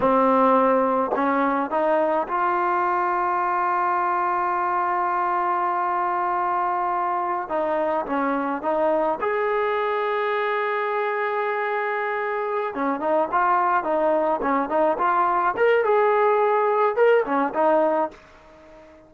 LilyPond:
\new Staff \with { instrumentName = "trombone" } { \time 4/4 \tempo 4 = 106 c'2 cis'4 dis'4 | f'1~ | f'1~ | f'4~ f'16 dis'4 cis'4 dis'8.~ |
dis'16 gis'2.~ gis'8.~ | gis'2~ gis'8 cis'8 dis'8 f'8~ | f'8 dis'4 cis'8 dis'8 f'4 ais'8 | gis'2 ais'8 cis'8 dis'4 | }